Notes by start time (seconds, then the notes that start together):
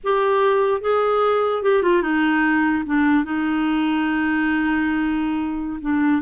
0.03 G4
0.81 G#4
1.62 G4
1.83 F4
2.02 D#4
2.86 D4
3.24 D#4
5.81 D4